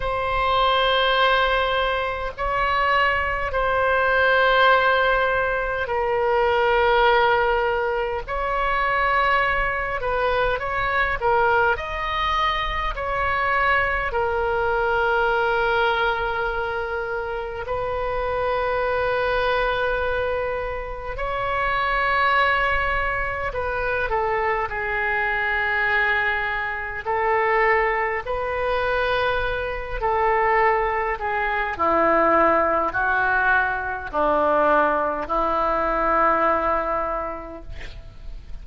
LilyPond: \new Staff \with { instrumentName = "oboe" } { \time 4/4 \tempo 4 = 51 c''2 cis''4 c''4~ | c''4 ais'2 cis''4~ | cis''8 b'8 cis''8 ais'8 dis''4 cis''4 | ais'2. b'4~ |
b'2 cis''2 | b'8 a'8 gis'2 a'4 | b'4. a'4 gis'8 e'4 | fis'4 d'4 e'2 | }